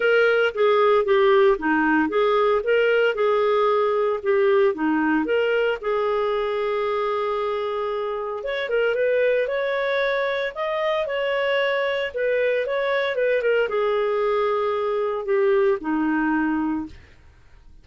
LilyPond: \new Staff \with { instrumentName = "clarinet" } { \time 4/4 \tempo 4 = 114 ais'4 gis'4 g'4 dis'4 | gis'4 ais'4 gis'2 | g'4 dis'4 ais'4 gis'4~ | gis'1 |
cis''8 ais'8 b'4 cis''2 | dis''4 cis''2 b'4 | cis''4 b'8 ais'8 gis'2~ | gis'4 g'4 dis'2 | }